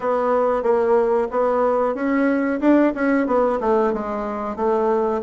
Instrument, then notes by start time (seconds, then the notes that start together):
bassoon
0.00 B3
0.62 A#3
1.30 B3
1.94 C#4
2.60 D4
2.94 C#4
3.26 B3
3.60 A3
3.93 G#3
4.56 A3